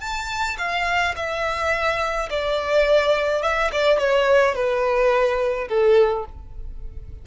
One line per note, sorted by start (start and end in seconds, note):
0.00 0.57 A5
0.58 1.14 F5
1.16 2.29 E5
2.30 3.42 D5
3.42 3.70 E5
3.72 3.98 D5
3.98 4.54 C#5
4.54 5.68 B4
5.68 6.25 A4